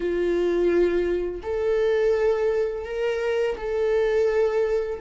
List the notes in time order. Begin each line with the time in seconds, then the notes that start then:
0.00 F4
1.43 A4
2.84 A#4
3.57 A4